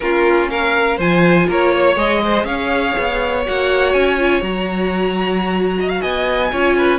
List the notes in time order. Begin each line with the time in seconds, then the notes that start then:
0.00 A#3 C#4 F4 A#4
0.49 A#4 F5
0.97 F3 F4 C5 G#5
1.48 A#3 A#4 C#5
1.72 C#5
1.95 G#3 G#4 D#5
2.23 C5
2.44 C#4 C#5 F5
2.98 B3
3.46 A#3 F#4 F#5
3.93 C#4 G#5
4.18 F4
4.40 F#3 F#4 A#5
5.79 D#5
5.89 F5
6.00 B3 D#5 G#5
6.51 C#4 F4 C#5
6.77 B4